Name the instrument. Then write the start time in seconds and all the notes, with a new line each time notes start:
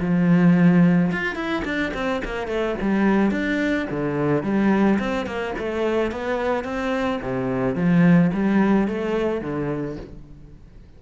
cello
0.00 F3
1.12 F4
1.35 E4
1.64 D4
1.94 C4
2.24 A#3
2.47 A3
2.81 G3
3.31 D4
3.90 D3
4.43 G3
4.99 C4
5.26 A#3
5.58 A3
6.11 B3
6.64 C4
7.21 C3
7.75 F3
8.33 G3
8.88 A3
9.41 D3